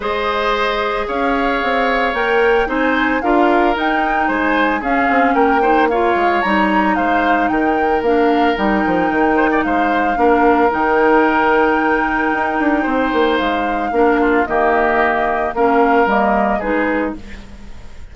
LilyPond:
<<
  \new Staff \with { instrumentName = "flute" } { \time 4/4 \tempo 4 = 112 dis''2 f''2 | g''4 gis''4 f''4 g''4 | gis''4 f''4 g''4 f''4 | ais''4 f''4 g''4 f''4 |
g''2 f''2 | g''1~ | g''4 f''2 dis''4~ | dis''4 f''4 dis''4 b'4 | }
  \new Staff \with { instrumentName = "oboe" } { \time 4/4 c''2 cis''2~ | cis''4 c''4 ais'2 | c''4 gis'4 ais'8 c''8 cis''4~ | cis''4 c''4 ais'2~ |
ais'4. c''16 d''16 c''4 ais'4~ | ais'1 | c''2 ais'8 f'8 g'4~ | g'4 ais'2 gis'4 | }
  \new Staff \with { instrumentName = "clarinet" } { \time 4/4 gis'1 | ais'4 dis'4 f'4 dis'4~ | dis'4 cis'4. dis'8 f'4 | dis'2. d'4 |
dis'2. d'4 | dis'1~ | dis'2 d'4 ais4~ | ais4 cis'4 ais4 dis'4 | }
  \new Staff \with { instrumentName = "bassoon" } { \time 4/4 gis2 cis'4 c'4 | ais4 c'4 d'4 dis'4 | gis4 cis'8 c'8 ais4. gis8 | g4 gis4 dis4 ais4 |
g8 f8 dis4 gis4 ais4 | dis2. dis'8 d'8 | c'8 ais8 gis4 ais4 dis4~ | dis4 ais4 g4 gis4 | }
>>